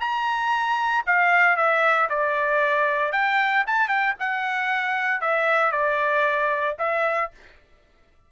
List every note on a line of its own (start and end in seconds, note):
0.00 1.04 A#5
1.06 1.56 F5
1.56 2.08 E5
2.09 3.12 D5
3.12 3.64 G5
3.66 3.88 A5
3.88 4.14 G5
4.19 5.21 F#5
5.21 5.72 E5
5.72 6.76 D5
6.78 7.31 E5